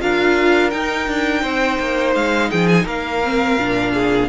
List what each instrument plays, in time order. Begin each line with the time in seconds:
0.00 cello D4, viola F4, violin A#4 F5
0.71 viola D#4, cello D#4, violin G5
1.08 cello D4
1.43 cello C4, violin C5
1.80 cello A#3
2.15 cello G#3, violin F5
2.50 cello F3, violin G#4 G5
2.68 violin G#5
2.85 cello A#3, violin A#4 F5
3.25 viola C4
3.58 cello A#2, viola D4
3.94 violin G#4